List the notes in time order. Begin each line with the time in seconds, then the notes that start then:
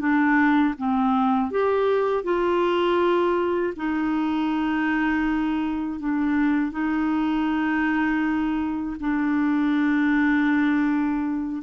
0.00 D4
0.78 C4
1.51 G4
2.24 F4
3.77 D#4
6.00 D4
6.72 D#4
9.00 D4